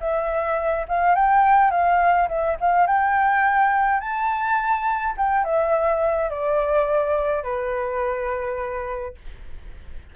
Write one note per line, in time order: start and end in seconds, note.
0.00 0.86 E5
0.88 1.15 F5
1.15 1.70 G5
1.70 2.28 F5
2.28 2.57 E5
2.60 2.86 F5
2.86 4.00 G5
4.00 5.15 A5
5.17 5.44 G5
5.44 6.30 E5
6.30 7.43 D5
7.43 9.15 B4